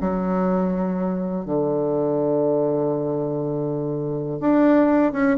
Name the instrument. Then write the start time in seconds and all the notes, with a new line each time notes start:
bassoon
0.00 F#3
1.45 D3
4.39 D4
5.12 C#4